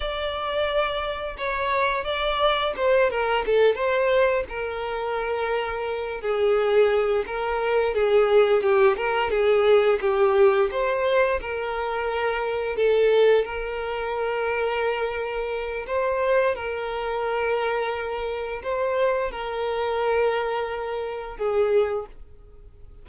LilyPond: \new Staff \with { instrumentName = "violin" } { \time 4/4 \tempo 4 = 87 d''2 cis''4 d''4 | c''8 ais'8 a'8 c''4 ais'4.~ | ais'4 gis'4. ais'4 gis'8~ | gis'8 g'8 ais'8 gis'4 g'4 c''8~ |
c''8 ais'2 a'4 ais'8~ | ais'2. c''4 | ais'2. c''4 | ais'2. gis'4 | }